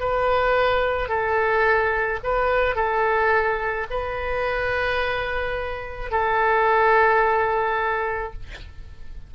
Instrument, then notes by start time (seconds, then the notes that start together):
oboe
0.00 B4
1.09 A4
2.24 B4
2.76 A4
3.90 B4
6.11 A4